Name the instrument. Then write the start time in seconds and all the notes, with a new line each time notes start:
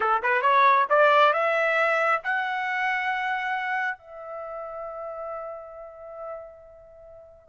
trumpet
0.00 A4
0.22 B4
0.41 C#5
0.89 D5
1.33 E5
2.23 F#5
3.98 E5